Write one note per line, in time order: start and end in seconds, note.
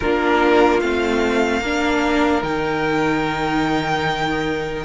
0.00 0.82 A#3
0.00 0.81 D4
0.00 1.60 F4
0.00 0.80 A#4
0.80 1.60 A3
0.80 1.62 C4
0.80 2.42 F5
1.60 2.42 A#3
1.60 2.43 D4
1.60 4.84 A#4
2.42 4.84 D#3
2.42 4.84 D#4
2.42 4.84 G5